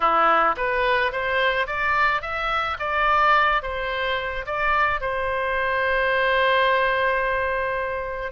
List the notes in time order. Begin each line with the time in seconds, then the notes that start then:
0.00 E4
0.56 B4
1.12 C5
1.66 D5
2.21 E5
2.79 D5
3.62 C5
4.45 D5
5.01 C5